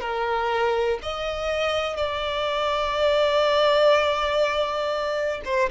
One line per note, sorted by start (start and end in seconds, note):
0.00 0.98 A#4
1.02 1.96 D#5
1.96 5.41 D5
5.45 5.69 C5